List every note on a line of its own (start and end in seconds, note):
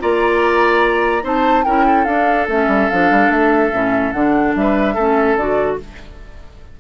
0.00 1.24 A#3
0.00 1.23 F4
0.00 1.24 D5
0.00 1.26 A#5
1.23 1.65 C4
1.23 1.64 D#4
1.23 1.65 C5
1.23 1.64 A5
1.64 2.07 C#4
1.64 2.08 E4
1.64 1.86 A#4
1.64 2.05 G5
1.86 4.55 A4
2.05 2.48 D4
2.05 2.49 D4
2.05 2.47 F5
2.48 2.68 A3
2.48 2.92 C#4
2.48 2.91 E5
2.68 2.89 G3
2.91 3.11 F3
2.91 3.73 D4
2.91 3.32 F5
3.11 3.29 G3
3.29 3.71 A3
3.29 4.13 E5
3.73 4.14 A2
3.73 4.14 C#4
4.13 4.56 D3
4.13 4.97 D4
4.13 4.54 F#5
4.56 4.97 G3
4.56 4.95 B4
4.56 5.37 E5
4.95 5.37 A3
4.95 5.39 C#4
4.95 5.77 A4
5.37 5.78 D3
5.37 5.80 F#4
5.37 5.79 D5